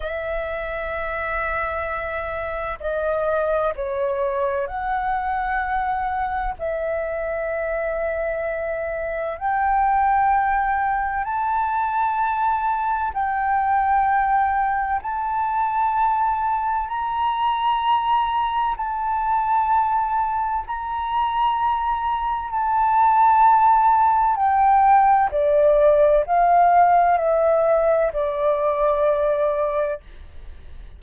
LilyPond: \new Staff \with { instrumentName = "flute" } { \time 4/4 \tempo 4 = 64 e''2. dis''4 | cis''4 fis''2 e''4~ | e''2 g''2 | a''2 g''2 |
a''2 ais''2 | a''2 ais''2 | a''2 g''4 d''4 | f''4 e''4 d''2 | }